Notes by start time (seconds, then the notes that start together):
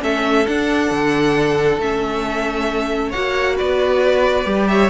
0.00 A3 C#4 A4 E5
0.47 D4 F#5
0.91 D3
1.79 A3 C#4 E5
3.10 F#4 C#5 F#5
3.16 A#3
3.57 B3 B4 D5
4.45 G3 G4
4.68 C#5 E5